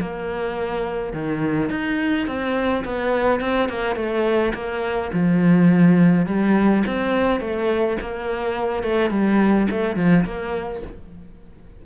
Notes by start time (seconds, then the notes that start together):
0.00 A#3
1.13 D#3
1.69 D#4
2.26 C4
2.84 B3
3.40 C4
3.69 A#3
3.95 A3
4.54 A#3
5.13 F3
6.26 G3
6.86 C4
7.40 A3
8.01 A#3
8.83 A3
9.10 G3
9.70 A3
9.96 F3
10.25 A#3